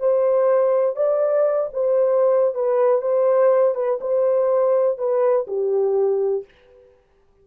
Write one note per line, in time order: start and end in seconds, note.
0.00 0.96 C5
0.96 1.70 D5
1.74 2.55 C5
2.55 3.02 B4
3.02 3.75 C5
3.75 4.00 B4
4.01 4.98 C5
4.98 5.47 B4
5.48 6.45 G4